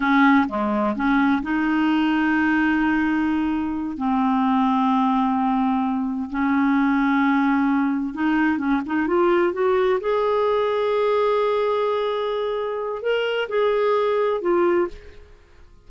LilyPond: \new Staff \with { instrumentName = "clarinet" } { \time 4/4 \tempo 4 = 129 cis'4 gis4 cis'4 dis'4~ | dis'1~ | dis'8 c'2.~ c'8~ | c'4. cis'2~ cis'8~ |
cis'4. dis'4 cis'8 dis'8 f'8~ | f'8 fis'4 gis'2~ gis'8~ | gis'1 | ais'4 gis'2 f'4 | }